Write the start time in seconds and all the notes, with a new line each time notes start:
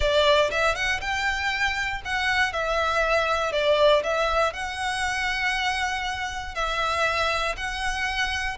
0.00 D5
0.50 E5
0.75 F#5
1.01 G5
2.04 F#5
2.53 E5
3.52 D5
4.03 E5
4.53 F#5
6.55 E5
7.57 F#5